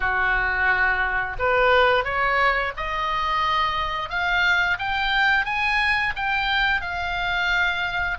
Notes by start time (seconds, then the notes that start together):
0.00 F#4
1.39 B4
2.04 C#5
2.76 D#5
4.09 F5
4.79 G5
5.45 G#5
6.15 G5
6.81 F5